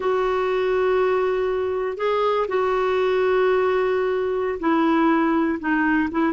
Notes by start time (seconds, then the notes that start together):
0.00 F#4
1.97 G#4
2.48 F#4
4.59 E4
5.59 D#4
6.11 E4